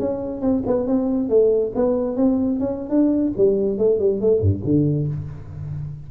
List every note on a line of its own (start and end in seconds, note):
0.00 0.41 C#4
0.41 0.63 C4
0.67 0.87 B3
0.87 1.29 C4
1.29 1.72 A3
1.76 2.17 B3
2.17 2.60 C4
2.60 2.90 C#4
2.90 3.33 D4
3.37 3.78 G3
3.78 3.99 A3
3.99 4.21 G3
4.21 4.41 A3
4.41 4.62 G2
4.65 5.08 D3